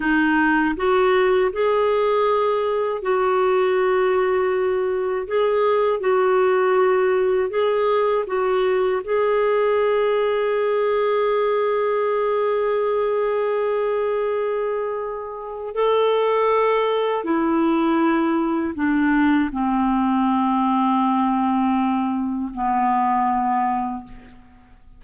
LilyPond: \new Staff \with { instrumentName = "clarinet" } { \time 4/4 \tempo 4 = 80 dis'4 fis'4 gis'2 | fis'2. gis'4 | fis'2 gis'4 fis'4 | gis'1~ |
gis'1~ | gis'4 a'2 e'4~ | e'4 d'4 c'2~ | c'2 b2 | }